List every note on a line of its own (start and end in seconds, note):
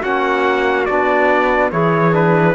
0.00 0.87 A#3
0.00 0.87 C#4
0.00 1.69 F#4
0.00 0.85 F#5
0.85 1.72 B3
0.85 1.71 D4
0.85 1.70 D5
1.71 2.55 E3
1.71 2.12 E4
1.71 2.55 G#4
1.71 2.14 C#5
2.12 2.55 D4
2.12 2.55 B4